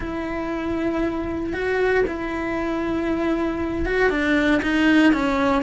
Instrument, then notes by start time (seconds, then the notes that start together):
cello
0.00 E4
1.53 F#4
2.07 E4
3.85 F#4
4.10 D4
4.62 D#4
5.13 C#4